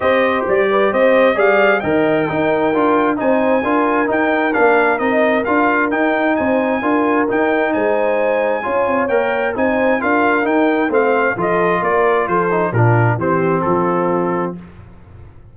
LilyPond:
<<
  \new Staff \with { instrumentName = "trumpet" } { \time 4/4 \tempo 4 = 132 dis''4 d''4 dis''4 f''4 | g''2. gis''4~ | gis''4 g''4 f''4 dis''4 | f''4 g''4 gis''2 |
g''4 gis''2. | g''4 gis''4 f''4 g''4 | f''4 dis''4 d''4 c''4 | ais'4 c''4 a'2 | }
  \new Staff \with { instrumentName = "horn" } { \time 4/4 c''4. b'8 c''4 d''4 | dis''4 ais'2 c''4 | ais'1~ | ais'2 c''4 ais'4~ |
ais'4 c''2 cis''4~ | cis''4 c''4 ais'2 | c''4 a'4 ais'4 a'4 | f'4 g'4 f'2 | }
  \new Staff \with { instrumentName = "trombone" } { \time 4/4 g'2. gis'4 | ais'4 dis'4 f'4 dis'4 | f'4 dis'4 d'4 dis'4 | f'4 dis'2 f'4 |
dis'2. f'4 | ais'4 dis'4 f'4 dis'4 | c'4 f'2~ f'8 dis'8 | d'4 c'2. | }
  \new Staff \with { instrumentName = "tuba" } { \time 4/4 c'4 g4 c'4 g4 | dis4 dis'4 d'4 c'4 | d'4 dis'4 ais4 c'4 | d'4 dis'4 c'4 d'4 |
dis'4 gis2 cis'8 c'8 | ais4 c'4 d'4 dis'4 | a4 f4 ais4 f4 | ais,4 e4 f2 | }
>>